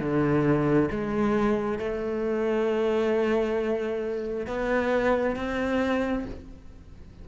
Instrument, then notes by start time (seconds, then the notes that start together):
cello
0.00 D3
0.91 G#3
1.79 A3
4.47 B3
5.36 C4